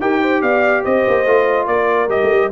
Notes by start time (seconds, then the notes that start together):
0.00 D#4 G4 A#4 G5
0.20 C5
0.41 B3 D5 F5
0.83 C4 C5 D#5
1.08 A#3
1.25 A3 F4
1.67 A#3 A#4 D5
2.08 G3 G4 D#5
2.22 A3
2.32 G3